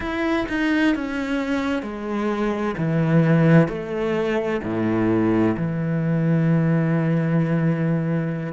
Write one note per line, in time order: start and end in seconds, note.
0.00 0.46 E4
0.49 0.95 D#4
0.95 1.82 C#4
1.82 2.74 G#3
2.77 3.68 E3
3.68 4.60 A3
4.63 5.56 A2
5.56 8.53 E3